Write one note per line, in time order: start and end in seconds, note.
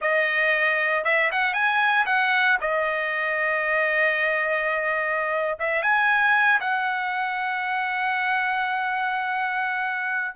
0.01 1.04 D#5
1.04 1.30 E5
1.31 1.53 F#5
1.53 2.05 G#5
2.06 2.57 F#5
2.60 5.58 D#5
5.59 5.82 E5
5.82 6.59 G#5
6.60 10.35 F#5